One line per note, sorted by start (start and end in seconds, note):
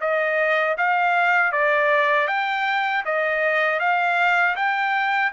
0.00 0.76 D#5
0.77 1.52 F5
1.52 2.28 D5
2.28 3.03 G5
3.05 3.79 D#5
3.79 4.55 F5
4.56 5.32 G5